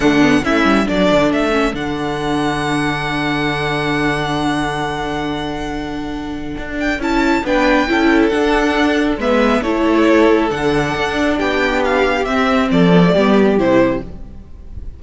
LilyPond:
<<
  \new Staff \with { instrumentName = "violin" } { \time 4/4 \tempo 4 = 137 fis''4 e''4 d''4 e''4 | fis''1~ | fis''1~ | fis''2.~ fis''8 g''8 |
a''4 g''2 fis''4~ | fis''4 e''4 cis''2 | fis''2 g''4 f''4 | e''4 d''2 c''4 | }
  \new Staff \with { instrumentName = "violin" } { \time 4/4 d'4 e'4 a'2~ | a'1~ | a'1~ | a'1~ |
a'4 b'4 a'2~ | a'4 b'4 a'2~ | a'2 g'2~ | g'4 a'4 g'2 | }
  \new Staff \with { instrumentName = "viola" } { \time 4/4 a8 b8 cis'4 d'4. cis'8 | d'1~ | d'1~ | d'1 |
e'4 d'4 e'4 d'4~ | d'4 b4 e'2 | d'1 | c'4. b16 a16 b4 e'4 | }
  \new Staff \with { instrumentName = "cello" } { \time 4/4 d4 a8 g8 fis8 d8 a4 | d1~ | d1~ | d2. d'4 |
cis'4 b4 cis'4 d'4~ | d'4 gis4 a2 | d4 d'4 b2 | c'4 f4 g4 c4 | }
>>